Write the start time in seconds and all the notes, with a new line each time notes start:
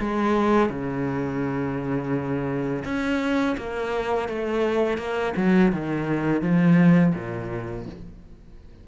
0.00 G#3
0.70 C#3
2.85 C#4
3.57 A#3
4.29 A3
4.98 A#3
5.37 F#3
5.72 D#3
6.42 F3
7.15 A#2